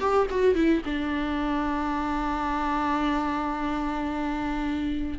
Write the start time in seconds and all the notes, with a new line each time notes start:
0.00 G4
0.30 F#4
0.55 E4
0.86 D4